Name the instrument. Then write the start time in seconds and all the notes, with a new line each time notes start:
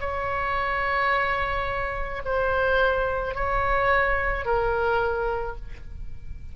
oboe
0.00 C#5
2.25 C5
3.34 C#5
4.44 A#4